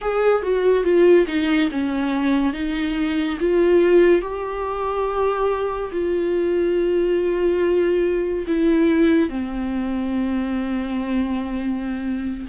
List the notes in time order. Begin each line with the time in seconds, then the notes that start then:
0.01 G#4
0.42 F#4
0.83 F4
1.27 D#4
1.71 C#4
2.53 D#4
3.40 F4
4.21 G4
5.92 F4
8.47 E4
9.29 C4